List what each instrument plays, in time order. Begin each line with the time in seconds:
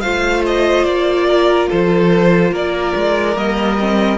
0.00 cello A3, viola F4, violin C5 F5
0.46 violin D#5
0.84 cello A#3, violin D5
1.27 violin A#4
1.69 cello F3, violin A4 C5
2.51 cello A#3, violin A#4 D5
2.95 cello G#3
3.36 cello G3, viola A#3, violin D#5
3.79 viola C4